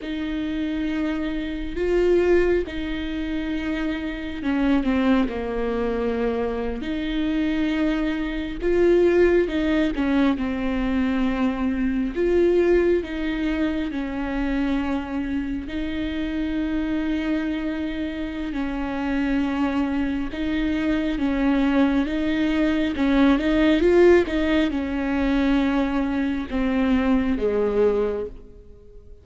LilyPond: \new Staff \with { instrumentName = "viola" } { \time 4/4 \tempo 4 = 68 dis'2 f'4 dis'4~ | dis'4 cis'8 c'8 ais4.~ ais16 dis'16~ | dis'4.~ dis'16 f'4 dis'8 cis'8 c'16~ | c'4.~ c'16 f'4 dis'4 cis'16~ |
cis'4.~ cis'16 dis'2~ dis'16~ | dis'4 cis'2 dis'4 | cis'4 dis'4 cis'8 dis'8 f'8 dis'8 | cis'2 c'4 gis4 | }